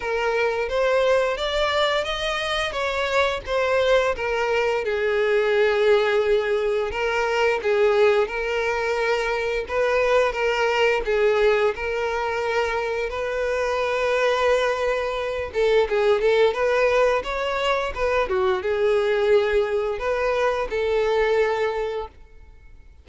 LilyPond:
\new Staff \with { instrumentName = "violin" } { \time 4/4 \tempo 4 = 87 ais'4 c''4 d''4 dis''4 | cis''4 c''4 ais'4 gis'4~ | gis'2 ais'4 gis'4 | ais'2 b'4 ais'4 |
gis'4 ais'2 b'4~ | b'2~ b'8 a'8 gis'8 a'8 | b'4 cis''4 b'8 fis'8 gis'4~ | gis'4 b'4 a'2 | }